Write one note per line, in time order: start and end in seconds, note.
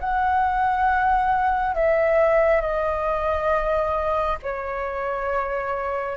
0.00 1.75 F#5
1.75 2.61 E5
2.61 4.38 D#5
4.43 6.17 C#5